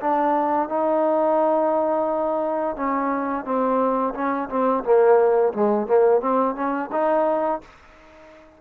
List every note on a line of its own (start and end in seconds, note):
0.00 0.69 D4
0.69 2.76 D#4
2.76 3.45 C#4
3.45 4.13 C4
4.14 4.48 C#4
4.49 4.83 C4
4.84 5.53 A#3
5.53 5.87 G#3
5.87 6.20 A#3
6.20 6.55 C4
6.55 6.89 C#4
6.92 7.61 D#4